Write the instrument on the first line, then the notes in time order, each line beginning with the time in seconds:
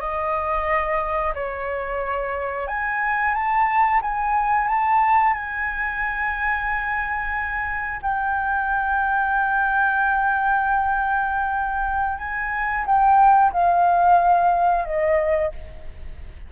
flute
0.00 D#5
1.35 C#5
2.67 G#5
3.34 A5
4.02 G#5
4.68 A5
5.34 G#5
8.02 G5
12.18 G#5
12.86 G5
13.52 F5
14.85 D#5